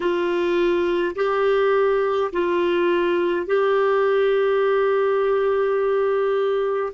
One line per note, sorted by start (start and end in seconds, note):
0.00 1.15 F4
1.15 2.31 G4
2.32 3.46 F4
3.46 6.92 G4